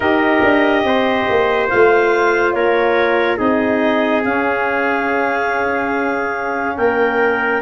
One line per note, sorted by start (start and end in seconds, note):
0.00 0.42 D#4
0.00 1.69 G4
0.00 0.84 A#4
0.00 1.68 D#5
0.43 0.84 D4
0.84 1.26 C4
0.84 2.55 C5
1.29 1.71 A#3
1.69 2.54 A3
1.69 3.36 F4
1.69 2.52 F5
2.52 3.39 A#3
2.52 3.37 A#4
2.52 3.37 C#5
3.36 4.24 C4
3.36 4.21 D#4
3.36 6.75 G#4
3.36 4.22 D#5
4.23 6.77 C#4
4.23 7.61 C#4
4.23 6.77 F5
6.77 7.61 A#3
6.77 7.61 A#4
6.77 7.61 G5